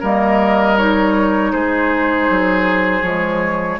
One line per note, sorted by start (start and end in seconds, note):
0.00 1.53 G3
0.00 0.77 A#3
0.00 1.52 A#4
0.00 0.78 D#5
0.77 3.03 D#4
0.77 1.52 C#5
1.52 2.29 G#3
1.52 3.80 G#4
1.52 3.03 C5
2.30 3.02 F#3
3.02 3.78 F3
3.02 3.79 G#3
3.02 3.79 C#5